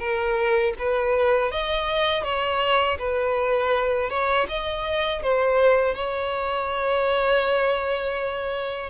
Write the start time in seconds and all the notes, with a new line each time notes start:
0.00 A#4
0.79 B4
1.52 D#5
2.24 C#5
2.99 B4
4.10 C#5
4.49 D#5
5.23 C5
5.96 C#5